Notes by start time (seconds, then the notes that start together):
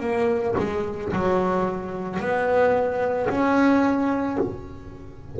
0.00 A#3
0.58 G#3
1.13 F#3
2.20 B3
3.29 C#4